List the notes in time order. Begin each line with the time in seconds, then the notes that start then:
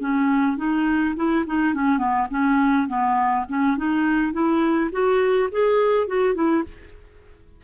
0.00 C#4
0.57 D#4
1.16 E4
1.46 D#4
1.74 C#4
1.98 B3
2.30 C#4
2.87 B3
3.48 C#4
3.77 D#4
4.32 E4
4.91 F#4
5.51 G#4
6.07 F#4
6.34 E4